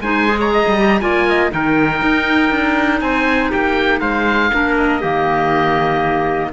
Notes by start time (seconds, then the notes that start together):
0.00 G#3 D#4 C5 G#5
0.28 G#4
0.39 C#5 A#5
0.52 D#5
0.67 G3
0.78 G4
1.00 A#3 F4 D5 G#5
1.28 D#5
1.50 D#3 D#4 A#4 G5
2.01 D#4
2.50 D4
3.00 C4 C5 G#5
3.50 A#3 G4 G5
4.00 G#3 C5 F5
4.53 A#3 D4 A#4
4.77 D#5
5.01 D#3 A#3 G4